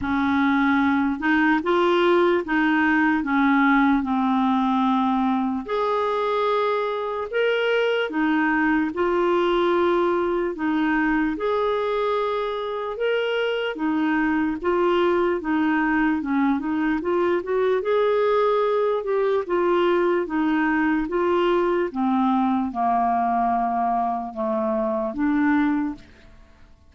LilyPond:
\new Staff \with { instrumentName = "clarinet" } { \time 4/4 \tempo 4 = 74 cis'4. dis'8 f'4 dis'4 | cis'4 c'2 gis'4~ | gis'4 ais'4 dis'4 f'4~ | f'4 dis'4 gis'2 |
ais'4 dis'4 f'4 dis'4 | cis'8 dis'8 f'8 fis'8 gis'4. g'8 | f'4 dis'4 f'4 c'4 | ais2 a4 d'4 | }